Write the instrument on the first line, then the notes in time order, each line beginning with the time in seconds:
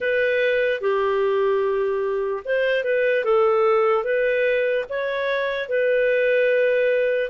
clarinet
0.00 B4
0.81 G4
2.44 C5
2.83 B4
3.24 A4
4.04 B4
4.89 C#5
5.68 B4